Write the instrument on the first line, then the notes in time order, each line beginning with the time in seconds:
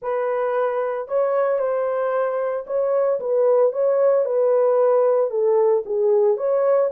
horn
0.02 B4
1.07 C#5
1.59 C5
2.66 C#5
3.20 B4
3.72 C#5
4.25 B4
5.30 A4
5.85 G#4
6.37 C#5